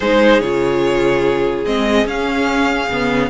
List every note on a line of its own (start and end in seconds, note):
0.00 0.40 G#3
0.00 0.42 D#4
0.00 3.29 G#4
0.00 0.40 C5
0.40 1.64 C#3
0.40 1.65 F4
0.40 1.64 C#5
1.65 2.04 G#3
1.65 2.04 C4
1.65 2.07 D#5
2.04 2.87 C#4
2.04 3.29 F5
2.89 3.29 C#3
2.89 3.29 B3